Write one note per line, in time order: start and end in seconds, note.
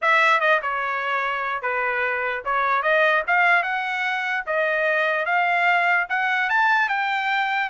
0.01 0.40 E5
0.40 0.60 D#5
0.61 1.62 C#5
1.62 2.43 B4
2.45 2.82 C#5
2.82 3.22 D#5
3.27 3.62 F5
3.62 4.43 F#5
4.46 5.25 D#5
5.25 6.06 F5
6.09 6.49 F#5
6.49 6.89 A5
6.89 7.69 G5